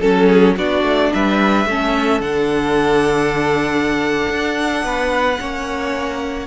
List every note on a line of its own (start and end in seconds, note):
0.00 0.56 F#3
0.00 0.57 C#4
0.00 0.55 A4
0.00 0.26 A4
0.26 0.54 G#4
0.57 0.82 B3
0.57 1.68 D4
0.57 1.12 F#4
0.57 1.13 D5
0.82 1.10 A3
1.13 1.65 G3
1.13 1.68 B4
1.13 2.21 E5
1.65 2.20 A3
1.65 2.22 C#4
1.65 4.85 A4
2.20 4.27 D3
2.20 5.38 D4
2.20 6.47 F#5
4.29 4.83 D4
4.83 5.38 B3
4.83 5.40 B4
5.39 6.47 A#3
5.39 6.47 C#4
5.39 6.47 C#5